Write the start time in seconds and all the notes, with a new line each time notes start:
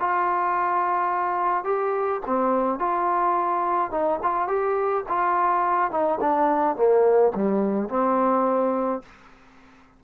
0.00 F4
1.64 G4
2.26 C4
2.79 F4
3.91 D#4
4.22 F4
4.48 G4
5.09 F4
5.91 D#4
6.21 D4
6.76 A#3
7.35 G3
7.89 C4